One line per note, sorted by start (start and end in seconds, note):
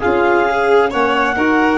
0.00 0.94 C#4
0.00 0.49 F4
0.00 0.90 G#4
0.00 0.90 F5
0.50 0.90 G#4
0.90 1.37 A#3
0.90 1.37 C#4
0.90 1.35 C#5
0.90 1.79 F#5
1.36 1.79 D#4
1.36 1.79 F#4
1.36 1.79 A#4